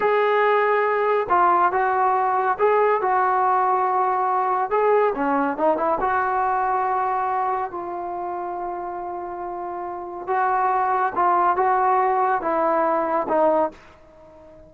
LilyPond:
\new Staff \with { instrumentName = "trombone" } { \time 4/4 \tempo 4 = 140 gis'2. f'4 | fis'2 gis'4 fis'4~ | fis'2. gis'4 | cis'4 dis'8 e'8 fis'2~ |
fis'2 f'2~ | f'1 | fis'2 f'4 fis'4~ | fis'4 e'2 dis'4 | }